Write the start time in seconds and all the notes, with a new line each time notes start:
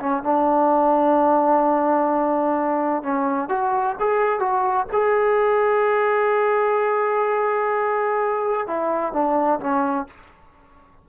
0.00 C#4
0.23 D4
3.03 C#4
3.49 F#4
4.00 G#4
4.40 F#4
4.93 G#4
8.67 E4
9.13 D4
9.60 C#4